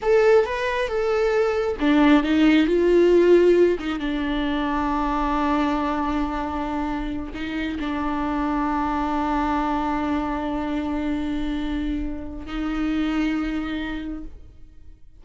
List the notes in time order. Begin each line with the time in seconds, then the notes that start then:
0.02 A4
0.45 B4
0.88 A4
1.80 D4
2.23 D#4
2.67 F4
3.79 D#4
3.99 D4
7.34 D#4
7.79 D4
12.46 D#4